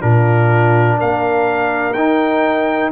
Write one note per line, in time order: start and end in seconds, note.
0.00 0.99 A#2
0.00 1.94 D4
0.00 0.97 F4
0.00 0.98 A#4
0.97 1.94 A#3
0.97 2.91 A#4
0.97 1.93 F5
1.93 2.91 D#4
1.93 2.92 D#4
1.93 2.90 G5